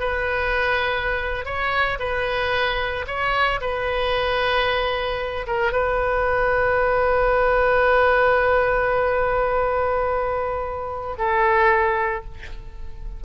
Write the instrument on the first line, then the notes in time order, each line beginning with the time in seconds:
oboe
0.00 B4
1.46 C#5
2.00 B4
3.07 C#5
3.61 B4
5.47 A#4
5.72 B4
11.18 A4